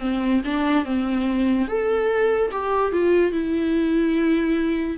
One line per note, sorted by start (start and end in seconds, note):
0.00 0.42 C4
0.45 0.86 D4
0.86 1.68 C4
1.68 2.51 A4
2.52 2.92 G4
2.92 3.32 F4
3.32 4.98 E4